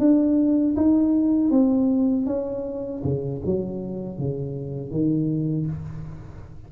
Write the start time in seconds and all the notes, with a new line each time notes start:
0.00 D4
0.77 D#4
1.51 C4
2.27 C#4
3.04 C#3
3.46 F#3
4.19 C#3
4.91 D#3